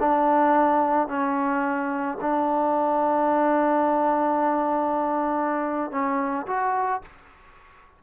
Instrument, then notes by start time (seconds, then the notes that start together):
trombone
0.00 D4
1.08 C#4
2.21 D4
5.91 C#4
6.47 F#4